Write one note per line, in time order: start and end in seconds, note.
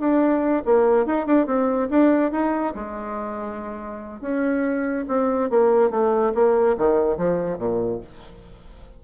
0.00 0.63 D4
0.66 1.06 A#3
1.06 1.27 D#4
1.27 1.47 D4
1.47 1.89 C4
1.90 2.32 D4
2.32 2.74 D#4
2.75 4.21 G#3
4.21 5.06 C#4
5.08 5.50 C4
5.50 5.91 A#3
5.91 6.33 A3
6.35 6.77 A#3
6.78 7.18 D#3
7.18 7.58 F3
7.58 8.01 A#2